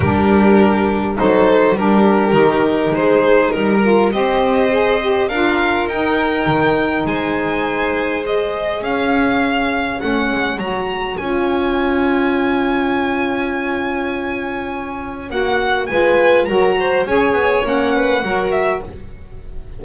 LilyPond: <<
  \new Staff \with { instrumentName = "violin" } { \time 4/4 \tempo 4 = 102 ais'2 c''4 ais'4~ | ais'4 c''4 ais'4 dis''4~ | dis''4 f''4 g''2 | gis''2 dis''4 f''4~ |
f''4 fis''4 ais''4 gis''4~ | gis''1~ | gis''2 fis''4 gis''4 | ais''4 gis''4 fis''4. e''8 | }
  \new Staff \with { instrumentName = "violin" } { \time 4/4 g'2 a'4 g'4~ | g'4 gis'4 ais'4 c''4~ | c''4 ais'2. | c''2. cis''4~ |
cis''1~ | cis''1~ | cis''2. b'4 | ais'8 c''8 cis''4. b'8 ais'4 | }
  \new Staff \with { instrumentName = "saxophone" } { \time 4/4 d'2 dis'4 d'4 | dis'2~ dis'8 f'8 g'4 | gis'8 g'8 f'4 dis'2~ | dis'2 gis'2~ |
gis'4 cis'4 fis'4 f'4~ | f'1~ | f'2 fis'4 f'4 | fis'4 gis'4 cis'4 fis'4 | }
  \new Staff \with { instrumentName = "double bass" } { \time 4/4 g2 fis4 g4 | dis4 gis4 g4 c'4~ | c'4 d'4 dis'4 dis4 | gis2. cis'4~ |
cis'4 a8 gis8 fis4 cis'4~ | cis'1~ | cis'2 ais4 gis4 | fis4 cis'8 b8 ais4 fis4 | }
>>